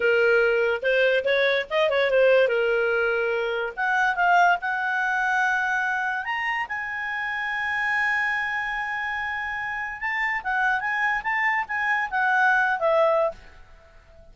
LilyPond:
\new Staff \with { instrumentName = "clarinet" } { \time 4/4 \tempo 4 = 144 ais'2 c''4 cis''4 | dis''8 cis''8 c''4 ais'2~ | ais'4 fis''4 f''4 fis''4~ | fis''2. ais''4 |
gis''1~ | gis''1 | a''4 fis''4 gis''4 a''4 | gis''4 fis''4.~ fis''16 e''4~ e''16 | }